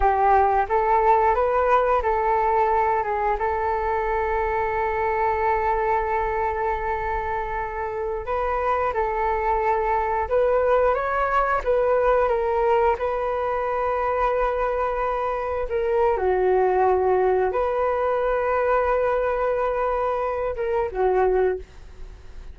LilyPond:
\new Staff \with { instrumentName = "flute" } { \time 4/4 \tempo 4 = 89 g'4 a'4 b'4 a'4~ | a'8 gis'8 a'2.~ | a'1~ | a'16 b'4 a'2 b'8.~ |
b'16 cis''4 b'4 ais'4 b'8.~ | b'2.~ b'16 ais'8. | fis'2 b'2~ | b'2~ b'8 ais'8 fis'4 | }